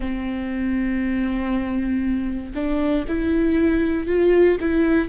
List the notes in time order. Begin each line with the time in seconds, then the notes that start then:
0.00 C4
2.54 D4
3.07 E4
4.07 F4
4.60 E4